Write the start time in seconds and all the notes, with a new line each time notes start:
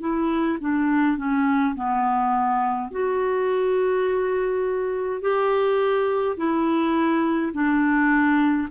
0.00 E4
0.60 D4
1.17 C#4
1.75 B3
2.91 F#4
5.21 G4
6.36 E4
7.53 D4